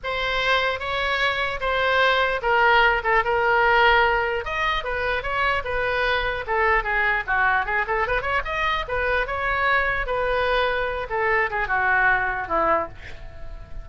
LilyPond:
\new Staff \with { instrumentName = "oboe" } { \time 4/4 \tempo 4 = 149 c''2 cis''2 | c''2 ais'4. a'8 | ais'2. dis''4 | b'4 cis''4 b'2 |
a'4 gis'4 fis'4 gis'8 a'8 | b'8 cis''8 dis''4 b'4 cis''4~ | cis''4 b'2~ b'8 a'8~ | a'8 gis'8 fis'2 e'4 | }